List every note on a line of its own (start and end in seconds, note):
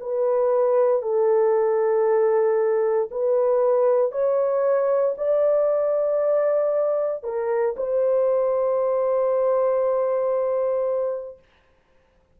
0.00 1.02 B4
1.02 3.09 A4
3.11 4.11 B4
4.11 5.15 C#5
5.17 7.23 D5
7.23 7.75 A#4
7.76 11.38 C5